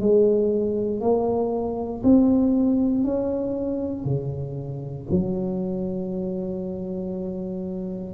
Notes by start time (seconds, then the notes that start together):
0.00 G#3
1.00 A#3
2.03 C4
3.04 C#4
4.04 C#3
5.10 F#3